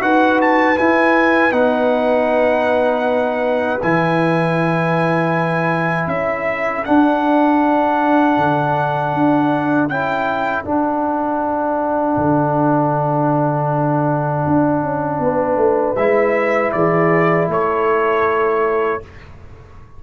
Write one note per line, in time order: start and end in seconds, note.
0.00 0.78 D#4
0.00 0.76 F#4
0.00 6.10 B4
0.00 0.40 F#5
0.41 0.78 A5
0.76 1.52 E4
0.76 1.52 G#5
1.52 3.80 B3
1.52 3.79 D#4
1.52 3.80 F#5
3.81 6.07 E3
3.81 6.86 E4
3.81 6.09 G#5
6.07 6.83 C#4
6.07 15.21 A4
6.07 6.84 E5
6.85 9.90 D4
6.85 8.37 D4
6.85 9.88 F#5
8.37 9.13 D3
9.13 9.88 D4
9.88 10.64 C#4
9.88 10.65 E4
9.88 10.64 G5
10.64 15.96 D4
10.64 12.17 D4
10.64 15.96 F#5
12.17 14.45 D3
14.47 14.82 D4
14.82 15.19 C#4
15.19 15.56 B3
15.19 16.75 B4
15.56 15.94 A3
15.96 16.73 G#3
15.96 19.02 E4
15.96 16.72 E5
16.72 17.49 E3
16.72 17.51 G#4
16.72 17.48 D5
17.49 19.00 A3
17.49 19.03 A4
17.49 19.03 C#5